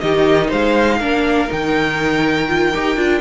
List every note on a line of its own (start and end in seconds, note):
0.00 0.52 D#3
0.00 1.01 D#4
0.00 0.48 G4
0.00 0.50 D#5
0.48 1.00 G#3
0.48 0.97 C5
0.48 1.51 F5
0.99 1.50 A#3
0.99 1.48 D4
0.99 3.21 A#4
1.48 2.74 D#3
1.48 2.47 D#4
1.48 3.21 G5
2.48 2.73 F4
2.74 2.96 D#4
2.74 2.97 G4
2.96 3.21 D4
2.96 3.21 F4